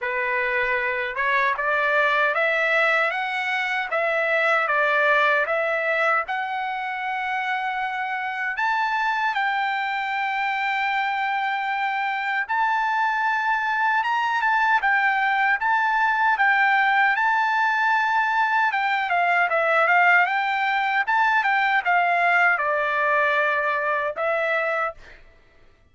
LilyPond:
\new Staff \with { instrumentName = "trumpet" } { \time 4/4 \tempo 4 = 77 b'4. cis''8 d''4 e''4 | fis''4 e''4 d''4 e''4 | fis''2. a''4 | g''1 |
a''2 ais''8 a''8 g''4 | a''4 g''4 a''2 | g''8 f''8 e''8 f''8 g''4 a''8 g''8 | f''4 d''2 e''4 | }